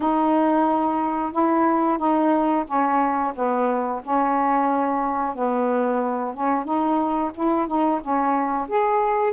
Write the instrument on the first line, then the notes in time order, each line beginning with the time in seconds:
saxophone
0.00 D#4
1.32 E4
1.98 D#4
2.66 C#4
3.35 B3
4.03 C#4
5.35 B3
6.34 C#4
6.64 D#4
7.34 E4
7.67 D#4
8.01 C#4
8.68 G#4